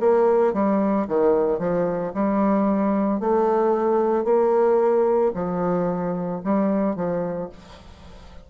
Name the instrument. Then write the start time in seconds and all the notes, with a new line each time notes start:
bassoon
0.00 A#3
0.53 G3
1.08 D#3
1.59 F3
2.14 G3
3.20 A3
4.25 A#3
5.35 F3
6.44 G3
6.95 F3